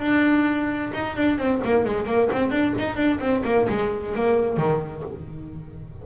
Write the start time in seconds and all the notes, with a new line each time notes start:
0.00 D4
0.93 D#4
1.16 D4
1.38 C4
1.64 A#3
1.85 G#3
2.06 A#3
2.32 C4
2.51 D4
2.78 D#4
2.96 D4
3.20 C4
3.45 A#3
3.69 G#3
4.15 A#3
4.57 D#3